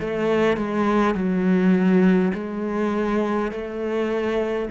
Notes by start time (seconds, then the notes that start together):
0.00 A3
0.57 G#3
1.15 F#3
2.34 G#3
3.51 A3